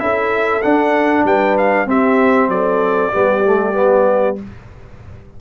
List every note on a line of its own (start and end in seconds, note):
0.00 0.63 C#4
0.00 0.62 E4
0.00 1.26 A4
0.00 0.62 E5
0.62 1.88 D4
0.62 1.24 D4
0.62 1.25 F#5
1.24 1.87 G3
1.24 1.88 B4
1.24 1.58 G5
1.58 1.89 F5
1.87 2.49 C4
1.87 3.12 C4
1.87 2.51 G4
1.87 2.51 E5
2.49 3.12 F#3
2.49 3.12 A4
2.49 4.38 D5
3.12 4.41 G3
3.12 3.45 B3
3.12 4.38 G4
3.45 3.74 A3
3.74 4.36 B3